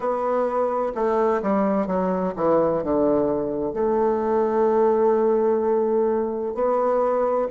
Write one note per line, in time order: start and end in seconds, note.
0.00 0.92 B3
0.94 1.41 A3
1.42 1.87 G3
1.87 2.34 F#3
2.36 2.83 E3
2.83 3.73 D3
3.73 6.54 A3
6.54 7.48 B3